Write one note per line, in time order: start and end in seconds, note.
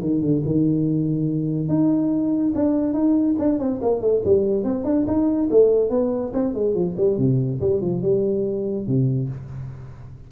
0.00 0.21 D#3
0.21 0.42 D3
0.45 1.68 D#3
1.68 2.53 D#4
2.55 2.93 D4
2.93 3.35 D#4
3.38 3.59 D4
3.59 3.80 C4
3.82 4.01 A#3
4.01 4.22 A3
4.25 4.63 G3
4.63 4.84 C4
4.84 5.05 D4
5.07 5.49 D#4
5.50 5.90 A3
5.90 6.32 B3
6.33 6.54 C4
6.54 6.74 G#3
6.74 6.95 F3
6.97 7.18 G3
7.18 7.60 C3
7.60 7.81 G3
7.81 8.02 F3
8.02 8.87 G3
8.87 9.29 C3